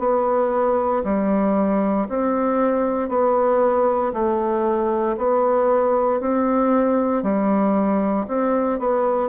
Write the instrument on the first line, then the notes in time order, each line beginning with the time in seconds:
bassoon
0.00 B3
1.04 G3
2.09 C4
3.09 B3
4.14 A3
5.18 B3
6.21 C4
7.23 G3
8.28 C4
8.80 B3